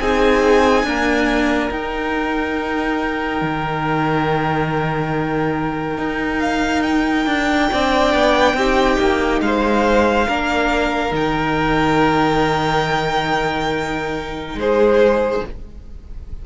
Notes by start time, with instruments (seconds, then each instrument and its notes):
0.00 cello C4, viola D#4, violin G#4 G#5
0.84 viola A#3, cello D4, violin A#4
1.71 cello D#4, viola D#4, violin G5
3.42 cello D#3
5.98 cello D#4
6.40 violin F5
6.83 violin G5
7.26 cello D4
7.71 cello C4, viola D4, violin D5
8.14 cello B3
8.54 cello C4, viola D#4, violin G4
8.99 cello A#3
9.41 cello G#3, violin C5 F5
10.28 cello A#3, viola D4, violin A#4
11.11 cello D#3, viola D#4, violin G5
14.55 cello G#3, violin G#4 C5